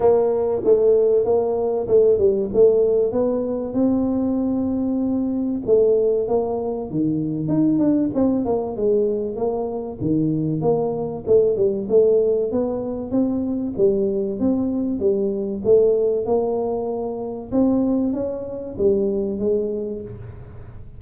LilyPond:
\new Staff \with { instrumentName = "tuba" } { \time 4/4 \tempo 4 = 96 ais4 a4 ais4 a8 g8 | a4 b4 c'2~ | c'4 a4 ais4 dis4 | dis'8 d'8 c'8 ais8 gis4 ais4 |
dis4 ais4 a8 g8 a4 | b4 c'4 g4 c'4 | g4 a4 ais2 | c'4 cis'4 g4 gis4 | }